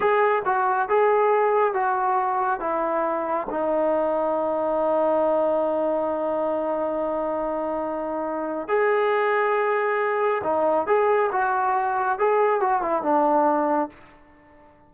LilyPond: \new Staff \with { instrumentName = "trombone" } { \time 4/4 \tempo 4 = 138 gis'4 fis'4 gis'2 | fis'2 e'2 | dis'1~ | dis'1~ |
dis'1 | gis'1 | dis'4 gis'4 fis'2 | gis'4 fis'8 e'8 d'2 | }